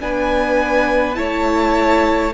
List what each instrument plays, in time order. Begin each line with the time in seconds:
0.00 cello B3, viola D4, violin B4 G#5
1.15 cello A3, viola E4, violin C#5 A5